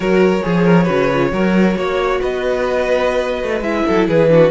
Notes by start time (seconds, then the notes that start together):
0.00 F#3 F#4 A#4 C#5
0.42 F3 G#4
0.65 A#4
0.84 C#3 F#4 B4
1.13 F4
1.31 F#3 F#4 A#4
1.76 A#3 C#5
2.20 B3 B4 D#5
3.42 A3
3.60 G#3 E4 E5
3.86 F#3 A4
4.08 E3 G#4 B4
4.29 D4 F#4